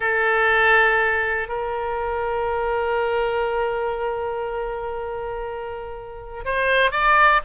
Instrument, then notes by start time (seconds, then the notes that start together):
oboe
0.00 A4
1.48 A#4
6.45 C5
6.91 D5